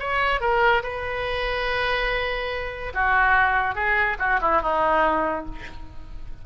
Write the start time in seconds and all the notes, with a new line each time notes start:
0.00 C#5
0.41 A#4
0.84 B4
2.94 F#4
3.76 G#4
4.19 F#4
4.42 E4
4.62 D#4